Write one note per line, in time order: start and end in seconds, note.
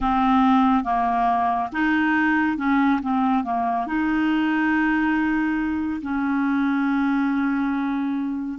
0.00 0.84 C4
0.84 1.69 A#3
1.72 2.57 D#4
2.57 3.00 C#4
3.02 3.44 C4
3.44 3.86 A#3
3.86 6.01 D#4
6.02 8.59 C#4